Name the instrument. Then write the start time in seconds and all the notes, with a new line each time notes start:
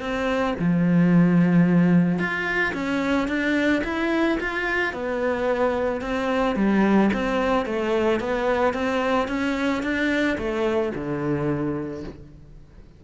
cello
0.00 C4
0.59 F3
2.19 F4
2.74 C#4
3.28 D4
3.84 E4
4.40 F4
4.93 B3
6.01 C4
6.56 G3
7.13 C4
7.65 A3
8.20 B3
8.74 C4
9.28 C#4
9.83 D4
10.38 A3
10.95 D3